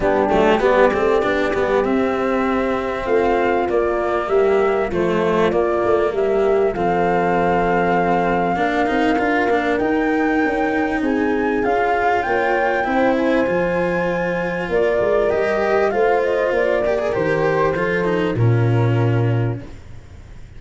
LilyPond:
<<
  \new Staff \with { instrumentName = "flute" } { \time 4/4 \tempo 4 = 98 g'4 d''2 e''4~ | e''4 f''4 d''4 e''4 | c''4 d''4 e''4 f''4~ | f''1 |
g''2 gis''4 f''4 | g''4. gis''2~ gis''8 | d''4 dis''4 f''8 dis''8 d''4 | c''2 ais'2 | }
  \new Staff \with { instrumentName = "horn" } { \time 4/4 d'4 g'2.~ | g'4 f'2 g'4 | f'2 g'4 a'4~ | a'2 ais'2~ |
ais'2 gis'2 | cis''4 c''2. | ais'2 c''4. ais'8~ | ais'4 a'4 f'2 | }
  \new Staff \with { instrumentName = "cello" } { \time 4/4 b8 a8 b8 c'8 d'8 b8 c'4~ | c'2 ais2 | a4 ais2 c'4~ | c'2 d'8 dis'8 f'8 d'8 |
dis'2. f'4~ | f'4 e'4 f'2~ | f'4 g'4 f'4. g'16 gis'16 | g'4 f'8 dis'8 cis'2 | }
  \new Staff \with { instrumentName = "tuba" } { \time 4/4 g8 fis8 g8 a8 b8 g8 c'4~ | c'4 a4 ais4 g4 | f4 ais8 a8 g4 f4~ | f2 ais8 c'8 d'8 ais8 |
dis'4 cis'4 c'4 cis'4 | ais4 c'4 f2 | ais8 gis8 g4 a4 ais4 | dis4 f4 ais,2 | }
>>